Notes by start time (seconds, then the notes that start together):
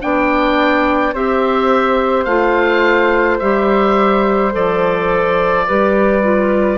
0.00 B3 D4 D5 G5
1.13 C4 G4 C5 E5
2.24 A3 F4 F5
3.39 G3 G4 E5
4.51 F3 A4 D5
5.67 G3 G4 B4
6.22 F4